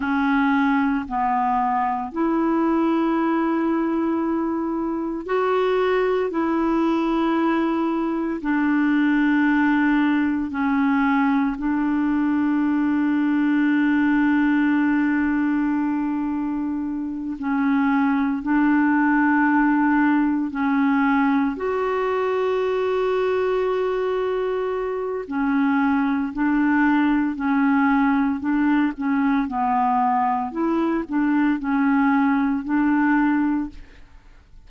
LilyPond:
\new Staff \with { instrumentName = "clarinet" } { \time 4/4 \tempo 4 = 57 cis'4 b4 e'2~ | e'4 fis'4 e'2 | d'2 cis'4 d'4~ | d'1~ |
d'8 cis'4 d'2 cis'8~ | cis'8 fis'2.~ fis'8 | cis'4 d'4 cis'4 d'8 cis'8 | b4 e'8 d'8 cis'4 d'4 | }